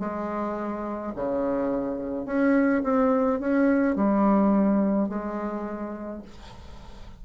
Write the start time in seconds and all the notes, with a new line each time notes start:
0.00 G#3
1.16 C#3
2.26 C#4
2.84 C4
3.40 C#4
3.96 G3
5.09 G#3